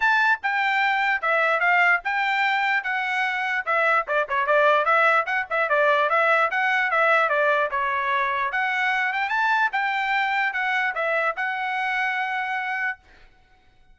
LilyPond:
\new Staff \with { instrumentName = "trumpet" } { \time 4/4 \tempo 4 = 148 a''4 g''2 e''4 | f''4 g''2 fis''4~ | fis''4 e''4 d''8 cis''8 d''4 | e''4 fis''8 e''8 d''4 e''4 |
fis''4 e''4 d''4 cis''4~ | cis''4 fis''4. g''8 a''4 | g''2 fis''4 e''4 | fis''1 | }